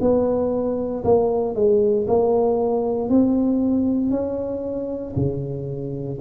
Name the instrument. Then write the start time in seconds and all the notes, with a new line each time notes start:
tuba
0.00 B3
1.04 A#3
1.55 G#3
2.07 A#3
3.08 C4
4.11 C#4
5.15 C#3